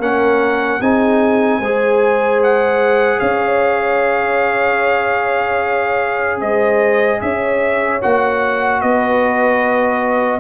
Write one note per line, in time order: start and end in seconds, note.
0.00 0.80 A#3
0.00 0.81 C#4
0.00 0.81 A#4
0.00 0.82 F#5
0.81 1.60 C4
0.81 1.63 D#4
0.81 1.60 G#4
0.81 2.42 G#5
1.60 3.20 G#3
1.60 8.02 G#4
1.60 3.19 C5
2.44 3.20 F#5
3.19 6.41 C#4
3.19 6.39 C#5
3.19 6.40 F5
6.40 7.21 G#3
6.40 7.20 C5
6.40 7.21 D#5
7.22 8.02 C#4
7.22 8.83 C#5
7.22 8.02 E5
8.02 8.83 A#3
8.02 10.41 F#4
8.02 8.82 F#5
8.82 10.41 B3
8.82 10.41 B4
8.82 10.41 D#5